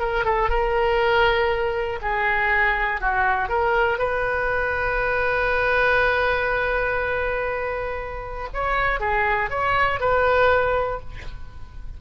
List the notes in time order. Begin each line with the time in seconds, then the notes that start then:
0.00 A#4
0.25 A4
0.50 A#4
2.02 G#4
3.01 F#4
3.49 A#4
3.99 B4
8.54 C#5
9.00 G#4
9.50 C#5
10.00 B4